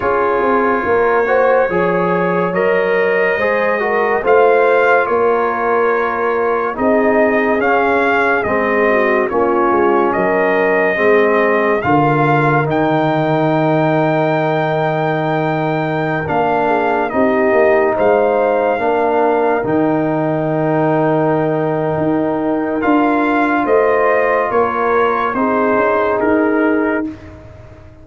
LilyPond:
<<
  \new Staff \with { instrumentName = "trumpet" } { \time 4/4 \tempo 4 = 71 cis''2. dis''4~ | dis''4 f''4 cis''2 | dis''4 f''4 dis''4 cis''4 | dis''2 f''4 g''4~ |
g''2.~ g''16 f''8.~ | f''16 dis''4 f''2 g''8.~ | g''2. f''4 | dis''4 cis''4 c''4 ais'4 | }
  \new Staff \with { instrumentName = "horn" } { \time 4/4 gis'4 ais'8 c''8 cis''2 | c''8 ais'8 c''4 ais'2 | gis'2~ gis'8 fis'8 f'4 | ais'4 gis'4 ais'2~ |
ais'2.~ ais'8. gis'16~ | gis'16 g'4 c''4 ais'4.~ ais'16~ | ais'1 | c''4 ais'4 gis'2 | }
  \new Staff \with { instrumentName = "trombone" } { \time 4/4 f'4. fis'8 gis'4 ais'4 | gis'8 fis'8 f'2. | dis'4 cis'4 c'4 cis'4~ | cis'4 c'4 f'4 dis'4~ |
dis'2.~ dis'16 d'8.~ | d'16 dis'2 d'4 dis'8.~ | dis'2. f'4~ | f'2 dis'2 | }
  \new Staff \with { instrumentName = "tuba" } { \time 4/4 cis'8 c'8 ais4 f4 fis4 | gis4 a4 ais2 | c'4 cis'4 gis4 ais8 gis8 | fis4 gis4 d4 dis4~ |
dis2.~ dis16 ais8.~ | ais16 c'8 ais8 gis4 ais4 dis8.~ | dis2 dis'4 d'4 | a4 ais4 c'8 cis'8 dis'4 | }
>>